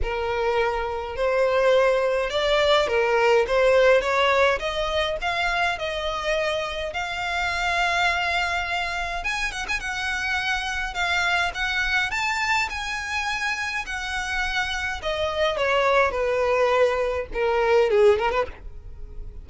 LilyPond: \new Staff \with { instrumentName = "violin" } { \time 4/4 \tempo 4 = 104 ais'2 c''2 | d''4 ais'4 c''4 cis''4 | dis''4 f''4 dis''2 | f''1 |
gis''8 fis''16 gis''16 fis''2 f''4 | fis''4 a''4 gis''2 | fis''2 dis''4 cis''4 | b'2 ais'4 gis'8 ais'16 b'16 | }